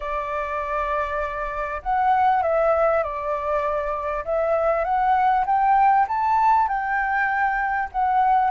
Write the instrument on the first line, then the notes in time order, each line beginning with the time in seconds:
flute
0.00 D5
1.82 F#5
2.42 E5
3.03 D5
4.24 E5
4.84 F#5
5.46 G5
6.07 A5
6.67 G5
7.91 F#5